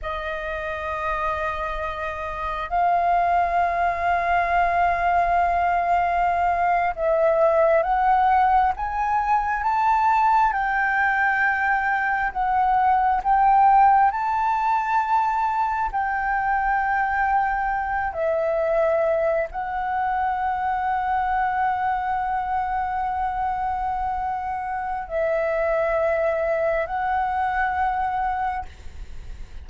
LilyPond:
\new Staff \with { instrumentName = "flute" } { \time 4/4 \tempo 4 = 67 dis''2. f''4~ | f''2.~ f''8. e''16~ | e''8. fis''4 gis''4 a''4 g''16~ | g''4.~ g''16 fis''4 g''4 a''16~ |
a''4.~ a''16 g''2~ g''16~ | g''16 e''4. fis''2~ fis''16~ | fis''1 | e''2 fis''2 | }